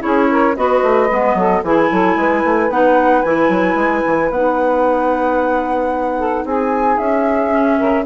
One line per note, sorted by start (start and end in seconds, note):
0.00 0.57 C#4
0.00 0.54 E4
0.00 0.30 G#4
0.00 0.56 C#5
0.31 0.58 A#4
0.56 0.83 B3
0.56 1.10 F#4
0.56 1.37 B4
0.56 1.63 D#5
0.83 1.10 A3
1.11 1.34 G#3
1.11 1.64 B3
1.34 1.61 F#3
1.34 1.64 A4
1.64 1.90 E3
1.64 2.71 E4
1.64 1.91 G#4
1.64 2.71 G#5
1.91 2.16 F#3
1.91 2.17 A4
2.16 2.43 G#3
2.16 6.19 B4
2.45 2.69 A3
2.69 3.23 B3
2.69 3.25 D#4
2.69 3.22 F#5
3.22 3.49 E3
3.22 4.33 E4
3.22 4.30 G#5
3.49 3.75 F#3
3.75 4.02 G#3
4.06 4.30 E3
4.30 6.45 B3
4.30 7.51 D#4
4.30 6.46 F#5
6.19 6.46 A4
6.45 6.98 C4
6.45 7.78 G#4
6.45 6.98 G#5
6.98 7.79 C#4
6.98 8.05 E5
7.51 8.05 C#4
7.78 8.06 C#3
7.78 8.05 A#4